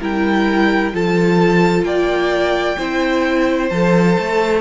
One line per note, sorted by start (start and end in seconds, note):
0.00 0.93 G3
0.00 0.92 E4
0.00 0.92 A#4
0.00 0.95 G5
0.92 1.84 F3
0.92 2.77 F4
0.92 1.86 A4
0.92 1.84 A5
1.84 2.76 A#3
1.84 2.78 D5
1.84 3.69 G5
2.78 3.71 C4
2.78 3.71 E4
2.78 4.60 C5
3.69 4.17 F3
3.69 4.60 A4
3.69 4.60 A5
4.18 4.60 A3